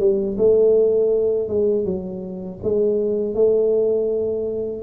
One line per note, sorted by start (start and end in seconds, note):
0.00 0.37 G3
0.38 1.49 A3
1.49 1.85 G#3
1.85 2.59 F#3
2.64 3.35 G#3
3.35 4.83 A3